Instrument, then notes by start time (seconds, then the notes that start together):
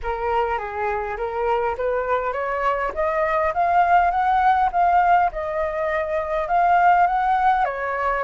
flute
0.02 A#4
0.58 G#4
1.17 A#4
1.77 B4
2.33 C#5
2.94 D#5
3.53 F5
4.10 F#5
4.72 F5
5.32 D#5
6.47 F5
7.06 F#5
7.64 C#5